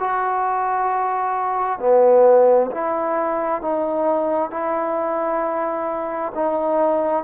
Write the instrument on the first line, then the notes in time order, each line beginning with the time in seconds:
trombone
0.00 F#4
1.80 B3
2.72 E4
3.62 D#4
4.51 E4
6.36 D#4